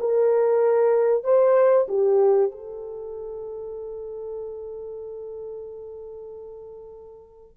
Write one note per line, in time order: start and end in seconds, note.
0.00 1.24 A#4
1.24 1.87 C5
1.88 2.51 G4
2.52 7.57 A4